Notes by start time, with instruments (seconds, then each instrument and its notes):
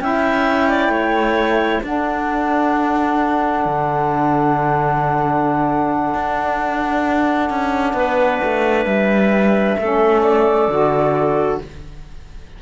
0.00 cello C#4, saxophone E4, clarinet E5, flute G5
0.70 clarinet D5
0.88 cello A3, clarinet C#5
1.82 cello D4, saxophone D4, clarinet A4, flute F#5
3.66 cello D3
6.15 cello D4
7.50 cello C#4
7.94 cello B3, clarinet B4
8.44 cello A3
8.85 cello G3, flute E5
9.79 cello A3, saxophone C#4, clarinet A4
10.22 flute D5
10.68 cello D3, saxophone F#4